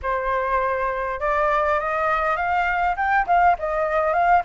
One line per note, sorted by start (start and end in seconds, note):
0.02 1.20 C5
1.20 1.79 D5
1.79 2.36 D#5
2.36 2.95 F5
2.96 3.26 G5
3.26 3.56 F5
3.58 4.13 D#5
4.13 4.43 F5